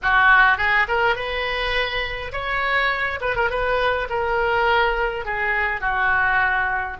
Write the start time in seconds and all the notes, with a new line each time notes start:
0.02 F#4
0.57 G#4
0.87 A#4
1.15 B4
2.32 C#5
3.20 B4
3.35 A#4
3.50 B4
4.09 A#4
5.25 G#4
5.80 F#4